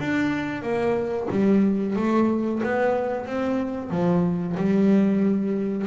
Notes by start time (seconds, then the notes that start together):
0.00 D4
0.63 A#3
1.31 G3
1.96 A3
2.63 B3
3.26 C4
3.90 F3
4.57 G3